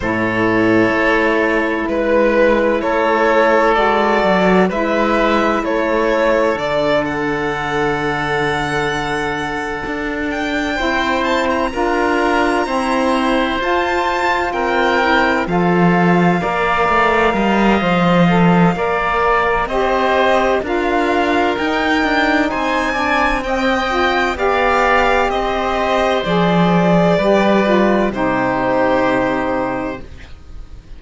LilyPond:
<<
  \new Staff \with { instrumentName = "violin" } { \time 4/4 \tempo 4 = 64 cis''2 b'4 cis''4 | d''4 e''4 cis''4 d''8 fis''8~ | fis''2. g''4 | a''16 ais''2~ ais''16 a''4 g''8~ |
g''8 f''2.~ f''8~ | f''4 dis''4 f''4 g''4 | gis''4 g''4 f''4 dis''4 | d''2 c''2 | }
  \new Staff \with { instrumentName = "oboe" } { \time 4/4 a'2 b'4 a'4~ | a'4 b'4 a'2~ | a'2.~ a'8 c''8~ | c''8 ais'4 c''2 ais'8~ |
ais'8 a'4 d''4 dis''4. | d''4 c''4 ais'2 | c''8 d''8 dis''4 d''4 c''4~ | c''4 b'4 g'2 | }
  \new Staff \with { instrumentName = "saxophone" } { \time 4/4 e'1 | fis'4 e'2 d'4~ | d'2.~ d'8 e'8~ | e'8 f'4 c'4 f'4. |
e'8 f'4 ais'4. c''8 a'8 | ais'4 g'4 f'4 dis'4~ | dis'8 d'8 c'8 f'8 g'2 | gis'4 g'8 f'8 dis'2 | }
  \new Staff \with { instrumentName = "cello" } { \time 4/4 a,4 a4 gis4 a4 | gis8 fis8 gis4 a4 d4~ | d2~ d8 d'4 c'8~ | c'8 d'4 e'4 f'4 c'8~ |
c'8 f4 ais8 a8 g8 f4 | ais4 c'4 d'4 dis'8 d'8 | c'2 b4 c'4 | f4 g4 c2 | }
>>